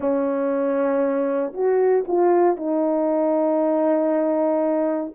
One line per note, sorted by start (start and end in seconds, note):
0.00 1.53 C#4
1.53 2.04 F#4
2.07 2.56 F4
2.56 5.13 D#4